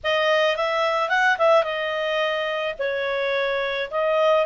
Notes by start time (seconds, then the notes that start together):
0.03 D#5
0.56 E5
1.09 F#5
1.38 E5
1.63 D#5
2.79 C#5
3.90 D#5